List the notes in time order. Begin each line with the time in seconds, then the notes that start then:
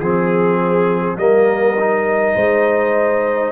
0.00 F3 C4 G#4
1.17 G3 A#3 A#4 D#5
1.79 D#4
2.35 G#3 C5